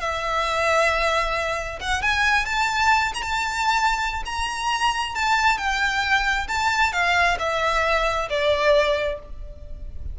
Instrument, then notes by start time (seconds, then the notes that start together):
violin
0.00 E5
1.81 F#5
2.02 G#5
2.45 A5
3.14 A#5
3.22 A5
4.25 A#5
5.15 A5
5.58 G5
6.48 A5
6.93 F5
7.39 E5
8.30 D5